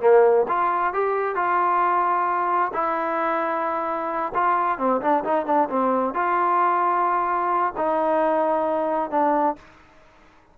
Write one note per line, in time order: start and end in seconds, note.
0.00 0.45 A#3
0.48 0.93 F4
0.93 1.35 G4
1.35 2.71 F4
2.73 4.32 E4
4.34 4.78 F4
4.78 5.01 C4
5.01 5.24 D4
5.24 5.45 D#4
5.45 5.68 D4
5.69 6.14 C4
6.14 7.73 F4
7.77 9.10 D#4
9.10 9.56 D4